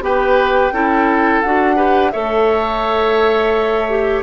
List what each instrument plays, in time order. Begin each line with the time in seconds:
0.00 bassoon B3, clarinet G4, oboe B4, flute G5
0.70 bassoon C#4, clarinet E4, oboe A4
1.41 bassoon D4, clarinet F#4, flute F#5
1.75 clarinet G4, oboe B4
2.10 bassoon A3, clarinet A4, oboe C#5, flute E5
3.89 clarinet G4